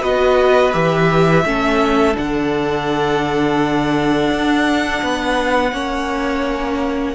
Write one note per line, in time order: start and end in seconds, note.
0.00 0.74 B3
0.00 0.71 F#4
0.00 1.43 B4
0.00 0.73 D#5
0.72 1.44 E3
0.72 1.43 G4
0.72 2.16 E5
1.44 2.16 A3
1.44 2.14 C#4
1.44 5.03 A4
2.14 4.30 D3
2.14 5.71 D4
2.14 7.14 F#5
4.30 5.02 D4
5.02 5.72 B3
5.02 5.73 B4
5.72 7.14 A#3
5.72 7.14 C#4
5.72 7.14 C#5